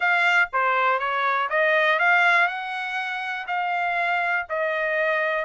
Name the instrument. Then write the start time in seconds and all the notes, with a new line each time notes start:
trumpet
0.00 F5
0.53 C5
0.99 C#5
1.49 D#5
1.99 F5
2.47 F#5
3.47 F5
4.49 D#5